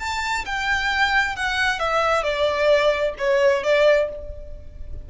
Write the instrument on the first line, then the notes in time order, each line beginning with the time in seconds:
violin
0.00 A5
0.46 G5
1.37 F#5
1.80 E5
2.24 D5
3.19 C#5
3.64 D5